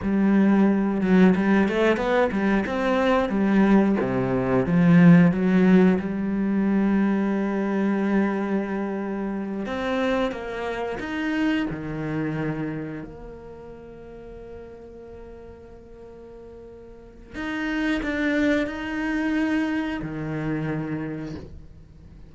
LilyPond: \new Staff \with { instrumentName = "cello" } { \time 4/4 \tempo 4 = 90 g4. fis8 g8 a8 b8 g8 | c'4 g4 c4 f4 | fis4 g2.~ | g2~ g8 c'4 ais8~ |
ais8 dis'4 dis2 ais8~ | ais1~ | ais2 dis'4 d'4 | dis'2 dis2 | }